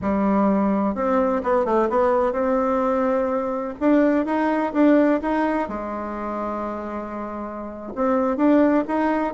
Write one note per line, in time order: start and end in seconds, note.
0.01 0.94 G3
0.94 1.42 C4
1.43 1.65 B3
1.65 1.89 A3
1.89 2.32 B3
2.32 3.74 C4
3.79 4.25 D4
4.25 4.72 D#4
4.73 5.20 D4
5.21 5.68 D#4
5.68 7.92 G#3
7.95 8.36 C4
8.36 8.84 D4
8.87 9.33 D#4